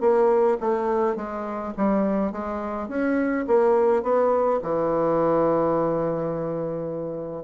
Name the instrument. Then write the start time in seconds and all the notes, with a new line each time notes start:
bassoon
0.00 A#3
0.60 A3
1.16 G#3
1.77 G3
2.32 G#3
2.88 C#4
3.47 A#3
4.02 B3
4.62 E3